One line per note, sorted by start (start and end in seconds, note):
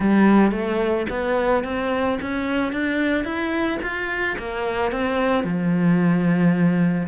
0.00 0.51 G3
0.51 1.06 A3
1.09 1.64 B3
1.64 2.18 C4
2.21 2.72 C#4
2.72 3.24 D4
3.24 3.78 E4
3.82 4.37 F4
4.38 4.91 A#3
4.91 5.43 C4
5.43 7.07 F3